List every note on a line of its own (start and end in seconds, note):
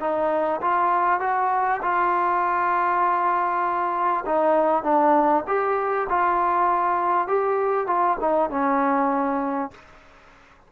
0.00 0.61 D#4
0.61 1.20 F4
1.20 1.80 F#4
1.82 4.24 F4
4.26 4.83 D#4
4.83 5.44 D4
5.47 6.08 G4
6.09 7.27 F4
7.27 7.87 G4
7.87 8.17 F4
8.20 8.50 D#4
8.50 9.71 C#4